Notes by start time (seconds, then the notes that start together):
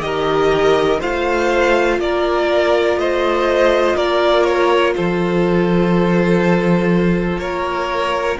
0.00 D#3 G4 A#4 D#5
1.00 A3 F4 C5 F5
1.99 A#3 A#4 D5
2.96 A3 C5 D#5
3.97 A#3 A#4 D5
4.44 C#5
4.96 F3 A4 C5
7.37 A#3 A#4 C#5